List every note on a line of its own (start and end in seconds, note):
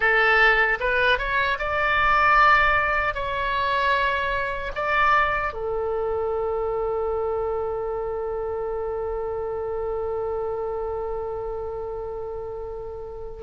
0.00 0.78 A4
0.80 1.18 B4
1.18 1.58 C#5
1.58 3.14 D5
3.14 4.72 C#5
4.75 5.53 D5
5.53 13.42 A4